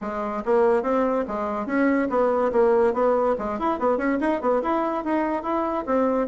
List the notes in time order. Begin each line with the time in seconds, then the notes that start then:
0.01 G#3
0.45 A#3
0.82 C4
1.27 G#3
1.66 C#4
2.09 B3
2.52 A#3
2.93 B3
3.38 G#3
3.59 E4
3.79 B3
3.97 C#4
4.20 D#4
4.41 B3
4.62 E4
5.04 D#4
5.42 E4
5.86 C4